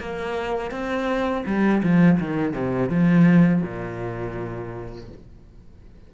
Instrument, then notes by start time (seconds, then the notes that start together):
cello
0.00 A#3
0.72 C4
1.46 G3
1.83 F3
2.20 D#3
2.54 C3
2.90 F3
3.63 A#2